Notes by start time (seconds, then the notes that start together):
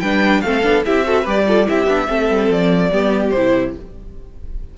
0.00 G3 D4 B4 G5
0.41 A3 C4 A4 F5
0.63 B3 D4
0.85 C4 E4 G4 E5
1.04 F#4 A4
1.22 G3 G4 B4
1.29 D5
1.47 F4 A4
1.66 C4 E4 G4 E5
1.86 B3 D4
2.07 A3 C4 A4
2.30 G3
2.50 F3 D5
2.91 G3 B3 G4
3.30 C3 E4 C5